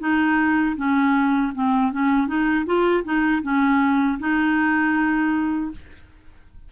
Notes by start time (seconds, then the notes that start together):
0.00 D#4
0.77 C#4
1.55 C4
1.92 C#4
2.28 D#4
2.66 F4
3.04 D#4
3.43 C#4
4.20 D#4